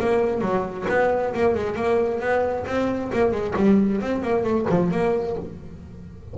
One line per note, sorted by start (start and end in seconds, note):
0.00 0.41 A#3
0.41 0.86 F#3
0.89 1.34 B3
1.34 1.55 A#3
1.55 1.76 G#3
1.76 2.20 A#3
2.20 2.65 B3
2.66 3.11 C4
3.13 3.32 A#3
3.32 3.54 G#3
3.56 4.01 G3
4.01 4.23 C4
4.23 4.43 A#3
4.43 4.66 A3
4.70 4.91 F3
4.91 5.36 A#3